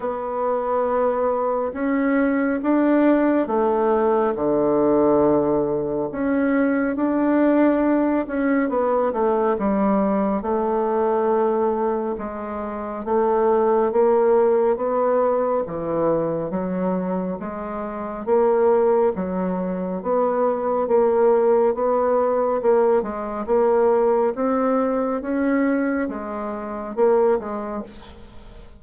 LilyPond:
\new Staff \with { instrumentName = "bassoon" } { \time 4/4 \tempo 4 = 69 b2 cis'4 d'4 | a4 d2 cis'4 | d'4. cis'8 b8 a8 g4 | a2 gis4 a4 |
ais4 b4 e4 fis4 | gis4 ais4 fis4 b4 | ais4 b4 ais8 gis8 ais4 | c'4 cis'4 gis4 ais8 gis8 | }